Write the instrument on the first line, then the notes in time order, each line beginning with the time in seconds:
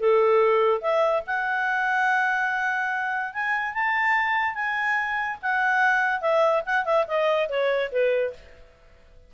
clarinet
0.00 A4
0.81 E5
1.27 F#5
3.33 G#5
3.74 A5
4.55 G#5
5.42 F#5
6.21 E5
6.66 F#5
6.85 E5
7.08 D#5
7.49 C#5
7.92 B4